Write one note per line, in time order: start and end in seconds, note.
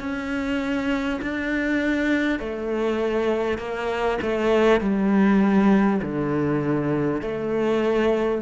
0.00 1.20 C#4
1.22 2.39 D4
2.39 3.58 A3
3.58 4.18 A#3
4.22 4.81 A3
4.81 6.01 G3
6.02 7.22 D3
7.22 8.42 A3